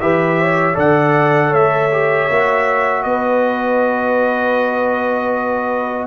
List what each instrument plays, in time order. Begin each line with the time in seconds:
0.00 tuba E3, trombone G4, horn B4, trumpet E5
0.40 horn C#5
0.74 tuba D3, trombone A4, horn D5, trumpet F#5
1.50 tuba A3, horn C#5, trumpet E5
1.92 trombone G4
2.30 tuba A#3, trombone F#4
3.03 tuba B3, horn B4, trumpet D#5